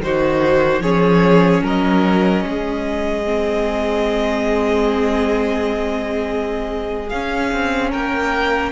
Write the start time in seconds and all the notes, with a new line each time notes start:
0.00 D#3 D#4 F#4 C5
0.80 F3 C#4 G#4 C#5
1.63 F#3 A#4 D#5
2.46 G#3 G#4
3.25 C4
7.09 C#4 F5
7.53 C4
7.90 A#3 A#4 G5